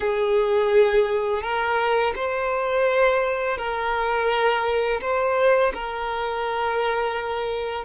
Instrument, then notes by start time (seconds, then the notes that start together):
violin
0.00 G#4
1.42 A#4
2.15 C5
3.57 A#4
5.01 C5
5.73 A#4